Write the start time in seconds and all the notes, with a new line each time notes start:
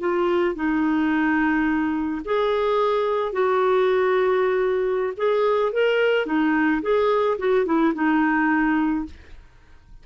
0.00 F4
0.55 D#4
2.25 G#4
3.33 F#4
5.17 G#4
5.72 A#4
6.26 D#4
6.82 G#4
7.38 F#4
7.65 E4
7.94 D#4